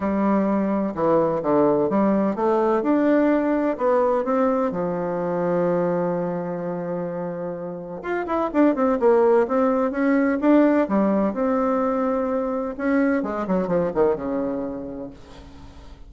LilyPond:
\new Staff \with { instrumentName = "bassoon" } { \time 4/4 \tempo 4 = 127 g2 e4 d4 | g4 a4 d'2 | b4 c'4 f2~ | f1~ |
f4 f'8 e'8 d'8 c'8 ais4 | c'4 cis'4 d'4 g4 | c'2. cis'4 | gis8 fis8 f8 dis8 cis2 | }